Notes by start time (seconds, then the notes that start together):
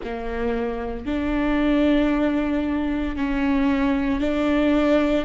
0.04 A#3
1.05 D4
3.16 C#4
4.20 D4